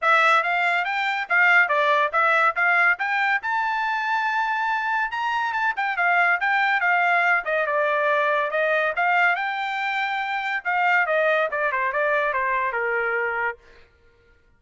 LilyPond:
\new Staff \with { instrumentName = "trumpet" } { \time 4/4 \tempo 4 = 141 e''4 f''4 g''4 f''4 | d''4 e''4 f''4 g''4 | a''1 | ais''4 a''8 g''8 f''4 g''4 |
f''4. dis''8 d''2 | dis''4 f''4 g''2~ | g''4 f''4 dis''4 d''8 c''8 | d''4 c''4 ais'2 | }